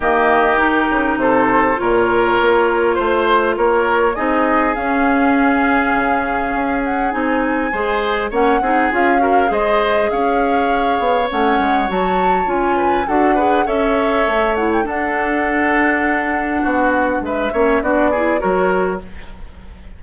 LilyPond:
<<
  \new Staff \with { instrumentName = "flute" } { \time 4/4 \tempo 4 = 101 dis''4 ais'4 c''4 cis''4~ | cis''4 c''4 cis''4 dis''4 | f''2.~ f''8 fis''8 | gis''2 fis''4 f''4 |
dis''4 f''2 fis''4 | a''4 gis''4 fis''4 e''4~ | e''8 fis''16 g''16 fis''2.~ | fis''4 e''4 d''4 cis''4 | }
  \new Staff \with { instrumentName = "oboe" } { \time 4/4 g'2 a'4 ais'4~ | ais'4 c''4 ais'4 gis'4~ | gis'1~ | gis'4 c''4 cis''8 gis'4 ais'8 |
c''4 cis''2.~ | cis''4. b'8 a'8 b'8 cis''4~ | cis''4 a'2. | fis'4 b'8 cis''8 fis'8 gis'8 ais'4 | }
  \new Staff \with { instrumentName = "clarinet" } { \time 4/4 ais4 dis'2 f'4~ | f'2. dis'4 | cis'1 | dis'4 gis'4 cis'8 dis'8 f'8 fis'8 |
gis'2. cis'4 | fis'4 f'4 fis'8 gis'8 a'4~ | a'8 e'8 d'2.~ | d'4. cis'8 d'8 e'8 fis'4 | }
  \new Staff \with { instrumentName = "bassoon" } { \time 4/4 dis4. cis8 c4 ais,4 | ais4 a4 ais4 c'4 | cis'2 cis4 cis'4 | c'4 gis4 ais8 c'8 cis'4 |
gis4 cis'4. b8 a8 gis8 | fis4 cis'4 d'4 cis'4 | a4 d'2. | b4 gis8 ais8 b4 fis4 | }
>>